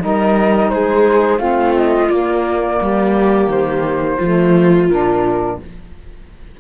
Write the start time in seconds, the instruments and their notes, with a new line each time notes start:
0.00 cello G3, saxophone D#4, viola A#4, flute D#5
0.70 cello G#3, viola G#4, flute C5
1.39 cello A3, saxophone C4, viola F4, flute F5
1.76 flute D#5
2.10 saxophone A#3, cello A#3, flute D5
2.82 cello G3, viola G4
3.48 cello D#3, flute C5
4.18 cello F3, saxophone A3, viola F4
4.89 cello A#2, saxophone D4, flute A#4